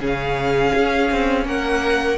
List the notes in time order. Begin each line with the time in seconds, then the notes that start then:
0.00 C#3 C#4 G#4
0.07 F5
0.75 C#4
1.12 C4
1.45 A#3 A#4 F#5